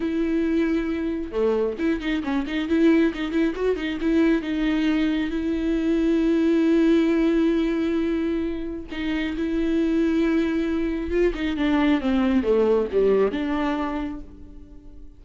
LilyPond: \new Staff \with { instrumentName = "viola" } { \time 4/4 \tempo 4 = 135 e'2. a4 | e'8 dis'8 cis'8 dis'8 e'4 dis'8 e'8 | fis'8 dis'8 e'4 dis'2 | e'1~ |
e'1 | dis'4 e'2.~ | e'4 f'8 dis'8 d'4 c'4 | a4 g4 d'2 | }